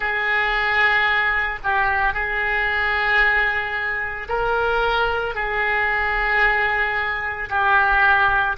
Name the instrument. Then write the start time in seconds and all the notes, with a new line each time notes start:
oboe
0.00 G#4
1.63 G4
2.13 G#4
4.29 A#4
5.34 G#4
7.50 G4